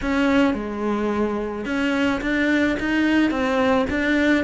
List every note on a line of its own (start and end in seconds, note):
0.01 0.54 C#4
0.54 1.65 G#3
1.65 2.20 C#4
2.21 2.77 D4
2.79 3.30 D#4
3.30 3.86 C4
3.90 4.44 D4